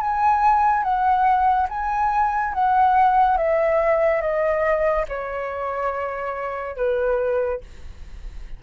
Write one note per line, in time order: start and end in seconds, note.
0.00 0.83 G#5
0.83 1.67 F#5
1.69 2.53 G#5
2.53 3.37 F#5
3.37 4.21 E5
4.21 5.05 D#5
5.08 6.76 C#5
6.76 7.60 B4